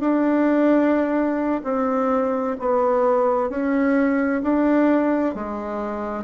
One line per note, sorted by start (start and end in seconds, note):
0.00 1.62 D4
1.64 2.56 C4
2.60 3.50 B3
3.50 4.42 C#4
4.43 5.35 D4
5.35 6.24 G#3